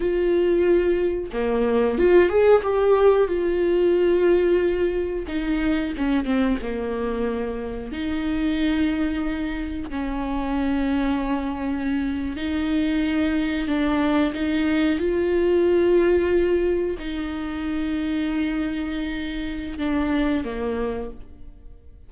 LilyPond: \new Staff \with { instrumentName = "viola" } { \time 4/4 \tempo 4 = 91 f'2 ais4 f'8 gis'8 | g'4 f'2. | dis'4 cis'8 c'8 ais2 | dis'2. cis'4~ |
cis'2~ cis'8. dis'4~ dis'16~ | dis'8. d'4 dis'4 f'4~ f'16~ | f'4.~ f'16 dis'2~ dis'16~ | dis'2 d'4 ais4 | }